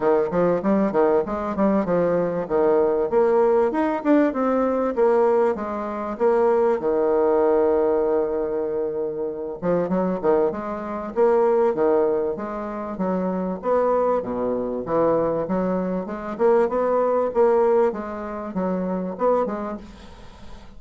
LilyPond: \new Staff \with { instrumentName = "bassoon" } { \time 4/4 \tempo 4 = 97 dis8 f8 g8 dis8 gis8 g8 f4 | dis4 ais4 dis'8 d'8 c'4 | ais4 gis4 ais4 dis4~ | dis2.~ dis8 f8 |
fis8 dis8 gis4 ais4 dis4 | gis4 fis4 b4 b,4 | e4 fis4 gis8 ais8 b4 | ais4 gis4 fis4 b8 gis8 | }